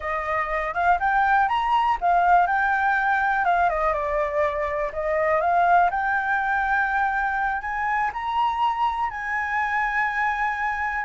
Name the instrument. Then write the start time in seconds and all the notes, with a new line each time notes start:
flute
0.00 D#5
0.74 F5
0.99 G5
1.48 A#5
2.00 F5
2.46 G5
3.44 F5
3.69 D#5
3.93 D5
4.92 D#5
5.41 F5
5.90 G5
7.61 G#5
8.13 A#5
9.10 G#5